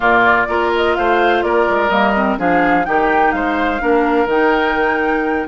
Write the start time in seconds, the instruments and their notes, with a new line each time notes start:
0.00 bassoon A#2, clarinet A#3, oboe F4, flute D5
0.48 bassoon A#3, clarinet F4, oboe A#4
0.75 flute D#5
0.95 bassoon A3, oboe C5, flute F5
1.42 bassoon A#3, oboe A#4, flute D5
1.69 bassoon G#3
1.89 bassoon G3, clarinet A#3, flute D#5
2.15 clarinet C4
2.38 bassoon F3, clarinet D4, oboe G#4, flute F5
2.84 bassoon D#3, clarinet D#4, oboe G4, flute G5
3.32 bassoon G#3, oboe C5, flute F5
3.79 bassoon A#3, clarinet D4, oboe A#4
4.25 bassoon D#3, clarinet D#4, flute G5